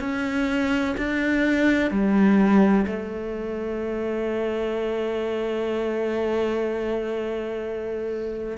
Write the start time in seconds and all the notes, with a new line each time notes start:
0.00 C#4
0.97 D4
1.90 G3
2.87 A3